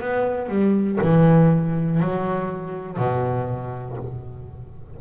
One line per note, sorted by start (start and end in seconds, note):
0.00 0.49 B3
0.49 0.99 G3
1.01 1.99 E3
1.99 2.96 F#3
2.96 3.96 B2